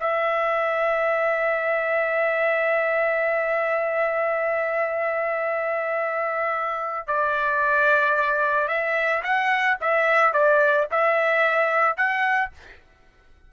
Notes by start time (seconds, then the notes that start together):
0.00 E5
7.07 D5
8.68 E5
9.23 F#5
9.81 E5
10.33 D5
10.91 E5
11.97 F#5